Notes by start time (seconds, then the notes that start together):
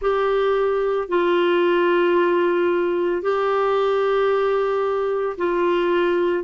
0.01 G4
1.08 F4
3.21 G4
5.37 F4